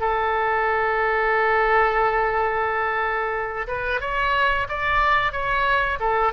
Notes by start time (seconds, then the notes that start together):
0.00 A4
3.67 B4
4.00 C#5
4.68 D5
5.32 C#5
5.99 A4